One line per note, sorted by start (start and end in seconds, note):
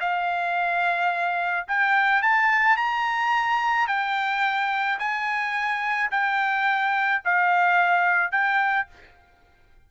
0.00 1.67 F5
1.68 2.22 G5
2.22 2.77 A5
2.77 3.87 A#5
3.87 4.98 G5
4.99 6.10 G#5
6.11 7.22 G5
7.24 8.31 F5
8.31 8.87 G5